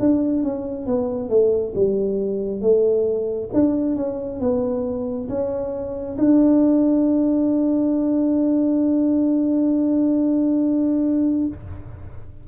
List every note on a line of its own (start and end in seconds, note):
0.00 0.44 D4
0.44 0.87 C#4
0.87 1.30 B3
1.30 1.73 A3
1.75 2.61 G3
2.61 3.50 A3
3.54 3.96 D4
3.96 4.40 C#4
4.40 5.29 B3
5.29 6.17 C#4
6.18 11.48 D4